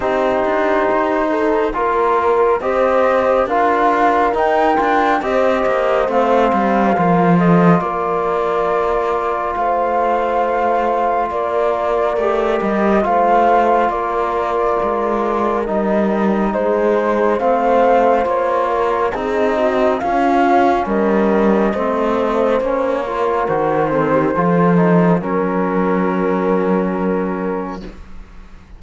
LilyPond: <<
  \new Staff \with { instrumentName = "flute" } { \time 4/4 \tempo 4 = 69 c''2 ais'4 dis''4 | f''4 g''4 dis''4 f''4~ | f''8 dis''8 d''2 f''4~ | f''4 d''4. dis''8 f''4 |
d''2 dis''4 c''4 | f''4 cis''4 dis''4 f''4 | dis''2 cis''4 c''4~ | c''4 ais'2. | }
  \new Staff \with { instrumentName = "horn" } { \time 4/4 g'4. a'8 ais'4 c''4 | ais'2 c''2 | ais'8 a'8 ais'2 c''4~ | c''4 ais'2 c''4 |
ais'2. gis'4 | c''4. ais'8 gis'8 fis'8 f'4 | ais'4 c''4. ais'4 a'16 g'16 | a'4 ais'2. | }
  \new Staff \with { instrumentName = "trombone" } { \time 4/4 dis'2 f'4 g'4 | f'4 dis'8 f'8 g'4 c'4 | f'1~ | f'2 g'4 f'4~ |
f'2 dis'2 | c'4 f'4 dis'4 cis'4~ | cis'4 c'4 cis'8 f'8 fis'8 c'8 | f'8 dis'8 cis'2. | }
  \new Staff \with { instrumentName = "cello" } { \time 4/4 c'8 d'8 dis'4 ais4 c'4 | d'4 dis'8 d'8 c'8 ais8 a8 g8 | f4 ais2 a4~ | a4 ais4 a8 g8 a4 |
ais4 gis4 g4 gis4 | a4 ais4 c'4 cis'4 | g4 a4 ais4 dis4 | f4 fis2. | }
>>